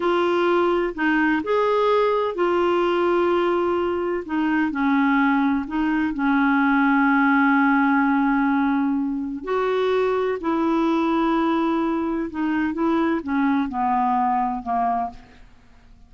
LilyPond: \new Staff \with { instrumentName = "clarinet" } { \time 4/4 \tempo 4 = 127 f'2 dis'4 gis'4~ | gis'4 f'2.~ | f'4 dis'4 cis'2 | dis'4 cis'2.~ |
cis'1 | fis'2 e'2~ | e'2 dis'4 e'4 | cis'4 b2 ais4 | }